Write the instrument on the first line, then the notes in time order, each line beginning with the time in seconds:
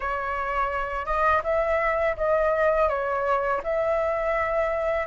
flute
0.00 C#5
1.05 D#5
1.43 E5
2.17 D#5
2.88 C#5
3.63 E5